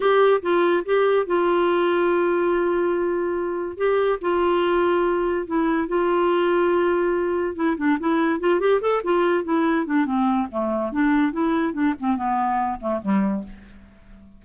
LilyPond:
\new Staff \with { instrumentName = "clarinet" } { \time 4/4 \tempo 4 = 143 g'4 f'4 g'4 f'4~ | f'1~ | f'4 g'4 f'2~ | f'4 e'4 f'2~ |
f'2 e'8 d'8 e'4 | f'8 g'8 a'8 f'4 e'4 d'8 | c'4 a4 d'4 e'4 | d'8 c'8 b4. a8 g4 | }